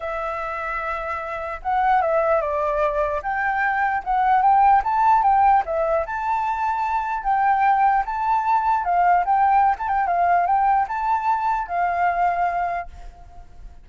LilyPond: \new Staff \with { instrumentName = "flute" } { \time 4/4 \tempo 4 = 149 e''1 | fis''4 e''4 d''2 | g''2 fis''4 g''4 | a''4 g''4 e''4 a''4~ |
a''2 g''2 | a''2 f''4 g''4~ | g''16 a''16 g''8 f''4 g''4 a''4~ | a''4 f''2. | }